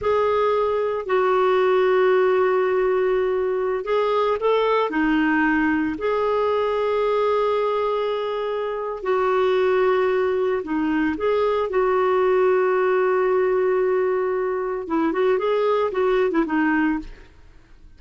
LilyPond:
\new Staff \with { instrumentName = "clarinet" } { \time 4/4 \tempo 4 = 113 gis'2 fis'2~ | fis'2.~ fis'16 gis'8.~ | gis'16 a'4 dis'2 gis'8.~ | gis'1~ |
gis'4 fis'2. | dis'4 gis'4 fis'2~ | fis'1 | e'8 fis'8 gis'4 fis'8. e'16 dis'4 | }